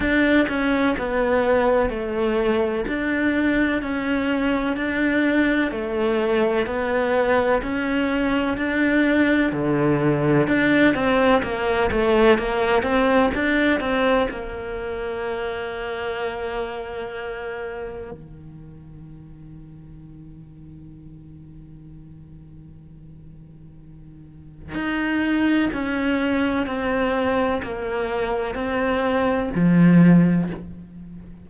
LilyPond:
\new Staff \with { instrumentName = "cello" } { \time 4/4 \tempo 4 = 63 d'8 cis'8 b4 a4 d'4 | cis'4 d'4 a4 b4 | cis'4 d'4 d4 d'8 c'8 | ais8 a8 ais8 c'8 d'8 c'8 ais4~ |
ais2. dis4~ | dis1~ | dis2 dis'4 cis'4 | c'4 ais4 c'4 f4 | }